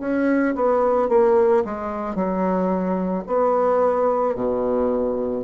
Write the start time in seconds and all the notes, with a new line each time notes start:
0.00 C#4
0.55 B3
1.09 A#3
1.65 G#3
2.15 F#3
3.27 B3
4.35 B2